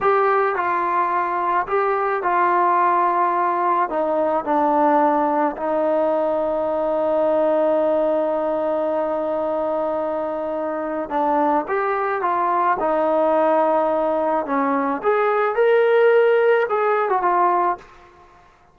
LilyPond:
\new Staff \with { instrumentName = "trombone" } { \time 4/4 \tempo 4 = 108 g'4 f'2 g'4 | f'2. dis'4 | d'2 dis'2~ | dis'1~ |
dis'1 | d'4 g'4 f'4 dis'4~ | dis'2 cis'4 gis'4 | ais'2 gis'8. fis'16 f'4 | }